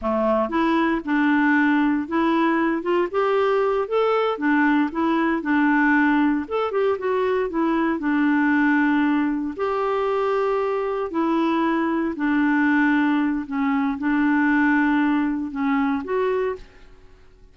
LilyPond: \new Staff \with { instrumentName = "clarinet" } { \time 4/4 \tempo 4 = 116 a4 e'4 d'2 | e'4. f'8 g'4. a'8~ | a'8 d'4 e'4 d'4.~ | d'8 a'8 g'8 fis'4 e'4 d'8~ |
d'2~ d'8 g'4.~ | g'4. e'2 d'8~ | d'2 cis'4 d'4~ | d'2 cis'4 fis'4 | }